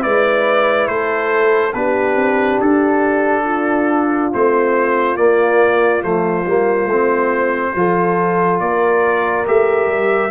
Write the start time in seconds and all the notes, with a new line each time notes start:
0.00 G#3 E4 B4 D5
0.87 A3 A4 C5
1.73 B3 D4 G4 B4
2.15 C4
2.60 D4 A4
3.44 F4
4.32 A3 C4 C5
5.16 A#3 D5
6.02 F3 A3 C5
6.46 G3 A#3
6.86 A3 C4
7.75 F3 F4 A4
8.60 A#3 A#4 D5
9.46 A3 G4 E5
9.87 G3